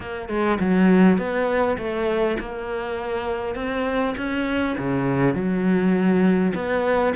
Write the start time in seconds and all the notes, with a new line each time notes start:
0.00 A#3
0.28 G#3
0.60 F#3
1.17 B3
1.78 A3
2.39 A#3
3.55 C4
4.17 C#4
4.77 C#3
5.34 F#3
6.54 B3